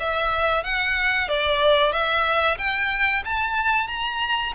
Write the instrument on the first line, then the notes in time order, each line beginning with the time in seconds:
violin
0.00 E5
0.64 F#5
1.29 D5
1.93 E5
2.58 G5
3.25 A5
3.88 A#5